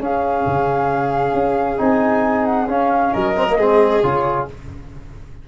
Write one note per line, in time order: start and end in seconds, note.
0.00 0.45 C#4
0.00 1.78 C#4
0.00 3.13 G#4
0.00 1.79 F5
0.47 1.34 C#3
1.34 1.79 C#4
1.78 2.68 C4
1.78 2.68 D#4
1.78 2.45 G#5
2.45 2.68 F#5
2.68 3.13 C#4
2.68 3.36 C#4
2.68 3.14 F5
3.13 3.57 F#3
3.13 3.58 A#4
3.13 4.04 D#5
3.36 3.47 C4
3.48 3.59 A#3
3.57 4.02 G#3
3.57 4.03 C4
3.57 4.48 G#4
4.03 4.49 C#3
4.03 4.48 F4
4.03 4.48 C#5